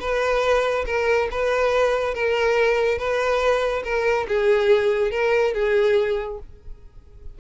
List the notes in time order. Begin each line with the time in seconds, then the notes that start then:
0.00 B4
0.86 A#4
1.31 B4
2.14 A#4
2.98 B4
3.84 A#4
4.28 G#4
5.11 A#4
5.54 G#4